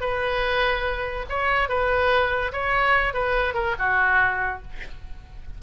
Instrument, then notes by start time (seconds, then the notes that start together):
oboe
0.00 B4
1.29 C#5
1.68 B4
2.52 C#5
3.13 B4
3.54 A#4
3.78 F#4